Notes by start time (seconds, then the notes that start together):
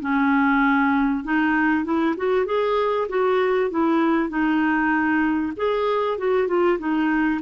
0.00 C#4
1.23 D#4
1.84 E4
2.16 F#4
2.45 G#4
3.08 F#4
3.70 E4
4.29 D#4
5.56 G#4
6.18 F#4
6.47 F4
6.78 D#4